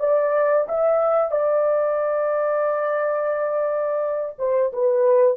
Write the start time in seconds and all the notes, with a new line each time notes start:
0.00 D5
0.69 E5
1.32 D5
4.39 C5
4.73 B4